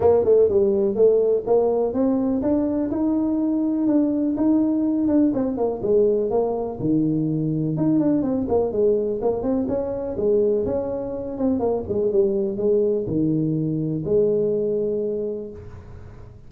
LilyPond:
\new Staff \with { instrumentName = "tuba" } { \time 4/4 \tempo 4 = 124 ais8 a8 g4 a4 ais4 | c'4 d'4 dis'2 | d'4 dis'4. d'8 c'8 ais8 | gis4 ais4 dis2 |
dis'8 d'8 c'8 ais8 gis4 ais8 c'8 | cis'4 gis4 cis'4. c'8 | ais8 gis8 g4 gis4 dis4~ | dis4 gis2. | }